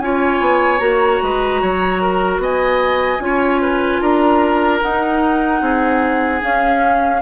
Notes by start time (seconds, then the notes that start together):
0.00 C#4 F4 C#5 G#5
0.40 B3
0.79 A#3 F#4 A#5
1.23 G#3 B4
1.62 F#3 C#5
2.02 A#4
2.39 B3 D#5 G#5
3.20 C#4 F4 C#5
3.62 B4
4.01 D4 A#4 A#5
4.81 D#4 F#5
5.62 C4 G#4
6.41 C#4 F5